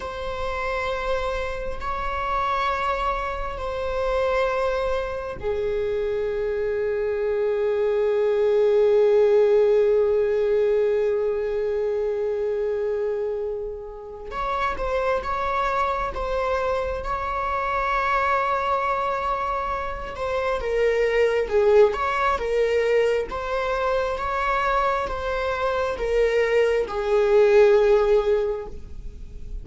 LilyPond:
\new Staff \with { instrumentName = "viola" } { \time 4/4 \tempo 4 = 67 c''2 cis''2 | c''2 gis'2~ | gis'1~ | gis'1 |
cis''8 c''8 cis''4 c''4 cis''4~ | cis''2~ cis''8 c''8 ais'4 | gis'8 cis''8 ais'4 c''4 cis''4 | c''4 ais'4 gis'2 | }